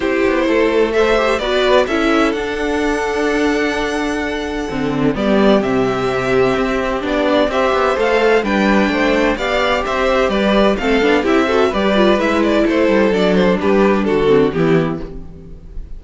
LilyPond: <<
  \new Staff \with { instrumentName = "violin" } { \time 4/4 \tempo 4 = 128 c''2 e''4 d''4 | e''4 fis''2.~ | fis''2. d''4 | e''2. d''4 |
e''4 f''4 g''2 | f''4 e''4 d''4 f''4 | e''4 d''4 e''8 d''8 c''4 | d''8 c''8 b'4 a'4 g'4 | }
  \new Staff \with { instrumentName = "violin" } { \time 4/4 g'4 a'4 c''4 b'4 | a'1~ | a'2. g'4~ | g'1 |
c''2 b'4 c''4 | d''4 c''4 b'4 a'4 | g'8 a'8 b'2 a'4~ | a'4 g'4 fis'4 e'4 | }
  \new Staff \with { instrumentName = "viola" } { \time 4/4 e'2 a'8 g'8 fis'4 | e'4 d'2.~ | d'2 c'4 b4 | c'2. d'4 |
g'4 a'4 d'2 | g'2. c'8 d'8 | e'8 fis'8 g'8 f'8 e'2 | d'2~ d'8 c'8 b4 | }
  \new Staff \with { instrumentName = "cello" } { \time 4/4 c'8 b8 a2 b4 | cis'4 d'2.~ | d'2 d4 g4 | c2 c'4 b4 |
c'8 b8 a4 g4 a4 | b4 c'4 g4 a8 b8 | c'4 g4 gis4 a8 g8 | fis4 g4 d4 e4 | }
>>